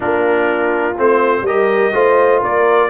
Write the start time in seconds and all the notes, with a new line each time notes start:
0.00 A#3 D4 F4 A#4
0.98 A3 C4 C5
1.42 G3 G4 A#4 D#5
1.93 A3 F4 C5
2.40 A#3 A#4 D5